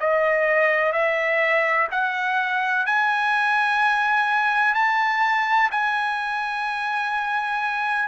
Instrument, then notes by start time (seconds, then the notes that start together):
trumpet
0.00 D#5
0.92 E5
1.91 F#5
2.86 G#5
4.74 A5
5.71 G#5